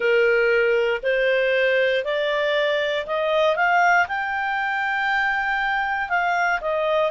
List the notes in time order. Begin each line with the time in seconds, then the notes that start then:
0.00 A#4
1.02 C5
2.04 D5
3.06 D#5
3.56 F5
4.08 G5
6.09 F5
6.61 D#5